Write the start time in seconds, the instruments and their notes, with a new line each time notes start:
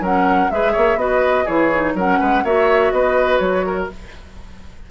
0.00 bassoon F#3, clarinet C#4, oboe A#4, flute F#5
0.51 bassoon G#3, clarinet G#4, oboe B4, flute E5
0.72 bassoon A#3, oboe C#5
0.96 bassoon B3, clarinet F#4, oboe B4, flute D#5
1.45 bassoon E3, clarinet E4, oboe G#4, flute C#5
1.73 clarinet D#4
1.94 bassoon F#3, clarinet C#4, oboe A#4, flute F#5
2.19 bassoon G#3, oboe B4
2.44 bassoon A#3, clarinet F#4, oboe C#5, flute E5
2.92 bassoon B3, oboe B4, flute D#5
3.38 bassoon F#3, flute C#5
3.66 oboe A#4